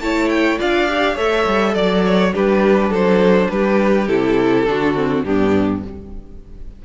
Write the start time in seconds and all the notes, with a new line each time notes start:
0.00 A3 E4 C#5 A5
0.29 G5
0.59 D4 F4 D5 F5
0.88 G4
1.15 A3 A4 C#5 E5
1.47 G3
1.74 F#3 D5
2.06 C#5
2.33 G3 D4 G4 B4
2.90 F#3 A4 C5
3.50 G3 G4 B4
4.07 C3 E4 A4
4.67 D3 D4 F#4
4.95 C4
5.24 G2 B3 D4 G4